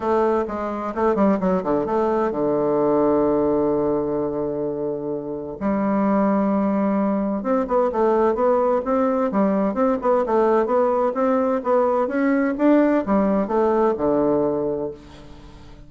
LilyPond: \new Staff \with { instrumentName = "bassoon" } { \time 4/4 \tempo 4 = 129 a4 gis4 a8 g8 fis8 d8 | a4 d2.~ | d1 | g1 |
c'8 b8 a4 b4 c'4 | g4 c'8 b8 a4 b4 | c'4 b4 cis'4 d'4 | g4 a4 d2 | }